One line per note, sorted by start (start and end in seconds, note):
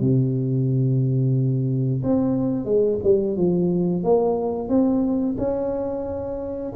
0.00 2.02 C3
2.03 2.65 C4
2.65 2.99 G#3
3.03 3.36 G3
3.36 4.03 F3
4.03 4.68 A#3
4.68 5.36 C4
5.37 6.72 C#4